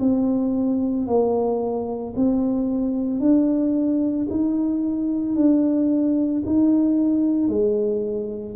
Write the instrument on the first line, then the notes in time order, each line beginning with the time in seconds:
tuba
0.00 C4
1.07 A#3
2.16 C4
3.20 D4
4.31 D#4
5.36 D4
6.46 D#4
7.49 G#3